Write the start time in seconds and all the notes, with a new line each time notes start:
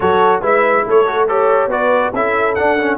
0.00 F#3 F#4 A4 C#5
0.41 G#3 E4 B4 E5
0.86 A3 A4 C#5
1.06 F#4
1.28 G4 A4 C#5
1.67 B3 F#4 B4 D5
2.13 C#4 E4 A4 E5
2.54 D4 F#5
2.78 C#4